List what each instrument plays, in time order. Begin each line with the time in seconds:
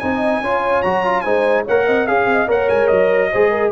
0.00 tuba C4, trombone D#4, horn D#5, trumpet G#5
0.41 tuba C#4, trombone F4, horn C#5
0.83 tuba F#3, trombone F#4, trumpet A#5
1.05 trombone F4
1.22 tuba G#3, trombone D#4, horn C5, trumpet G#5
1.65 tuba A#3, trombone A#4, horn C#5, trumpet F#5
1.86 tuba C4, horn D#5
2.07 tuba C#4, trombone G#4, horn F5, trumpet F5
2.26 tuba C4, horn D#5
2.48 tuba A#3, trombone A#4, horn C#5, trumpet F#5
2.70 tuba G#3, trumpet G#5
2.88 tuba F#3, trumpet D#5
3.32 tuba G#3, trombone G#4, horn C5
3.51 horn A#4